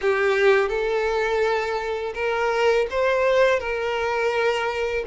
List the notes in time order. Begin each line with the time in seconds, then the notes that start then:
0.01 G4
0.68 A4
2.14 A#4
2.90 C5
3.59 A#4